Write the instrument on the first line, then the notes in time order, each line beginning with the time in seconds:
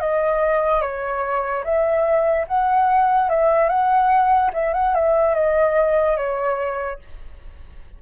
flute
0.00 D#5
0.81 C#5
1.64 E5
2.47 F#5
3.29 E5
3.69 F#5
4.53 E5
4.73 F#5
4.94 E5
5.35 D#5
6.17 C#5